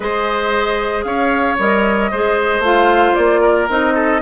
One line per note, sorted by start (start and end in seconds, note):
0.00 1.04 G#3
0.00 1.57 G#4
0.00 1.05 C5
0.00 1.04 D#5
1.04 1.56 C#4
1.04 2.11 C#5
1.04 1.56 F5
1.58 2.11 G3
1.58 2.11 A#4
1.58 2.63 D#5
2.11 2.59 G#3
2.11 2.63 G#4
2.11 3.40 C5
2.59 3.11 A3
2.59 3.68 F4
2.59 3.14 F5
3.14 3.69 A#3
3.14 3.67 D5
3.40 3.93 A#4
3.68 4.22 C4
3.68 4.21 D#4
3.68 4.22 D#5
3.94 4.20 A4